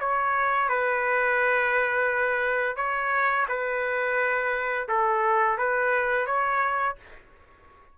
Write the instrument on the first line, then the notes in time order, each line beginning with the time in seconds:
trumpet
0.00 C#5
0.69 B4
2.77 C#5
3.49 B4
4.89 A4
5.58 B4
6.26 C#5